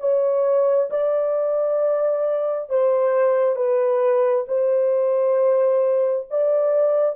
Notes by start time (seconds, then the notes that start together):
0.00 C#5
0.90 D5
2.70 C5
3.56 B4
4.48 C5
6.31 D5